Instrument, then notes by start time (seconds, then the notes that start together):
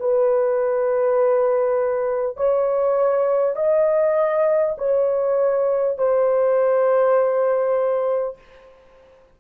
horn
0.00 B4
2.37 C#5
3.56 D#5
4.78 C#5
5.98 C5